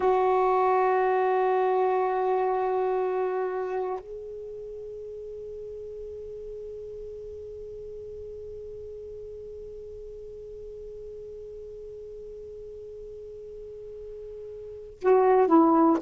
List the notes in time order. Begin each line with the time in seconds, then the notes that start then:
0.00 F#4
4.00 G#4
15.00 F#4
15.47 E4